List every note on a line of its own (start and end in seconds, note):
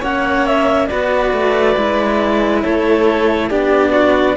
0.00 0.88 A#3
0.00 0.89 C#4
0.00 0.87 C#5
0.00 0.46 F#5
0.46 0.87 E5
0.87 1.33 B3
0.87 1.77 F#4
0.87 2.64 B4
0.87 2.61 D5
1.33 1.76 A3
1.77 2.64 G#3
1.77 3.51 E4
2.62 3.51 A3
2.62 3.50 A4
2.62 3.49 C#5
3.50 4.37 B3
3.50 4.37 D4
3.50 3.92 G4
3.50 4.37 D5
3.92 4.36 F#4